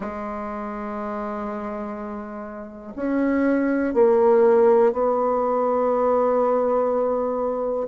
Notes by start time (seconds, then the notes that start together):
0.00 G#3
2.96 C#4
3.93 A#3
4.92 B3